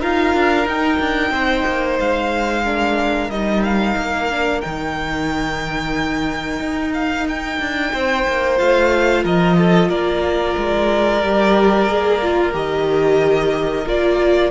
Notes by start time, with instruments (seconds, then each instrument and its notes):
0.00 cello D#4, viola F4, violin A#4 F5
0.34 cello D4
0.66 cello D#4, viola D#4, violin G5
0.99 cello D4
1.30 cello C4, violin C5
1.66 cello A#3
1.99 cello G#3, violin F5
2.63 viola D4, violin A#4
3.29 cello G3, viola D#4, violin D#5
3.63 violin F5
3.96 cello A#3
4.30 viola D4
4.61 cello D#3, viola D#4, violin G5
6.59 cello D#4
6.93 violin F5
7.28 violin G5
7.59 cello D4
7.93 cello C4, violin C5
8.27 cello A#3
8.56 cello A3, viola F4, violin F5
9.23 cello F3, violin A#4 D#5
9.56 violin A4
9.89 cello A#3, violin A#4 D5
10.57 cello G#3
11.22 cello G3, viola G4
11.87 cello A#3, viola G#4
12.22 viola F4
12.52 cello D#3, viola G4, violin D#5
13.85 cello A#3, viola F4, violin D5